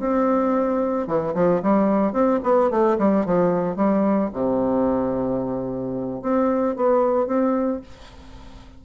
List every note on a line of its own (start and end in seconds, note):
0.00 1.07 C4
1.07 1.34 E3
1.35 1.62 F3
1.63 2.13 G3
2.13 2.40 C4
2.44 2.71 B3
2.71 2.98 A3
2.99 3.26 G3
3.26 3.76 F3
3.76 4.30 G3
4.34 6.23 C3
6.23 6.76 C4
6.76 7.27 B3
7.27 7.81 C4